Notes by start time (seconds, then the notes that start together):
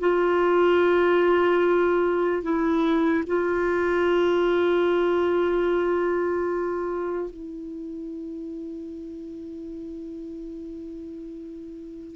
0.00 F4
2.43 E4
3.27 F4
7.30 E4